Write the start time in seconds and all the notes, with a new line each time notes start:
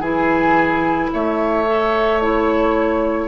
0.00 E3 E4 G#4 G#5
1.13 A3 C#5 E5
1.67 A4
2.21 E4 C#5